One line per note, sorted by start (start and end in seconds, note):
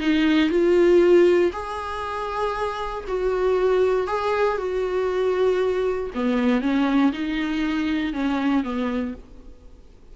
0.00 0.49 D#4
0.49 1.51 F4
1.52 3.05 G#4
3.08 4.07 F#4
4.07 4.58 G#4
4.58 6.10 F#4
6.14 6.61 B3
6.61 7.12 C#4
7.12 8.13 D#4
8.13 8.63 C#4
8.63 9.14 B3